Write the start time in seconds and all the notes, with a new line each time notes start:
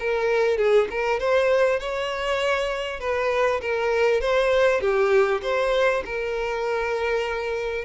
0.00 A#4
0.58 G#4
0.91 A#4
1.20 C5
1.80 C#5
3.01 B4
3.61 A#4
4.21 C5
4.81 G4
5.43 C5
6.06 A#4